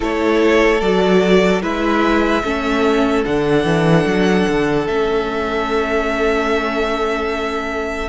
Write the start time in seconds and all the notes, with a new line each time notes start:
0.00 A3 E4 A4 C#5
0.81 F#3 F#4 D5
1.61 G#3 E4 B4 E5
2.43 A3 C#4 A4
3.24 D3 D4 F#5
3.64 E3
4.05 F#3
4.48 D3
4.86 A3 C#4 E5